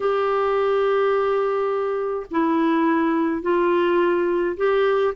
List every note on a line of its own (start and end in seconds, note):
0.00 2.26 G4
2.31 3.42 E4
3.42 4.56 F4
4.56 5.14 G4